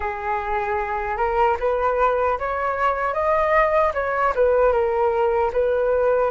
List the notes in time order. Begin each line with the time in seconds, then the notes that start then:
0.00 G#4
1.17 A#4
1.59 B4
2.39 C#5
3.13 D#5
3.94 C#5
4.35 B4
4.72 A#4
5.53 B4